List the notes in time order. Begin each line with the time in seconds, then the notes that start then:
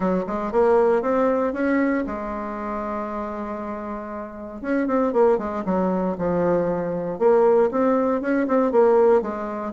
0.00 F#3
0.26 G#3
0.52 A#3
1.01 C4
1.53 C#4
2.06 G#3
4.61 C#4
4.87 C4
5.12 A#3
5.38 G#3
5.65 F#3
6.17 F3
7.18 A#3
7.71 C4
8.21 C#4
8.47 C4
8.71 A#3
9.21 G#3